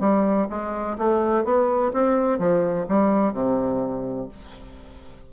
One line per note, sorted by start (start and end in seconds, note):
0.00 0.48 G3
0.49 0.97 G#3
0.98 1.44 A3
1.44 1.92 B3
1.93 2.39 C4
2.39 2.86 F3
2.89 3.33 G3
3.33 4.28 C3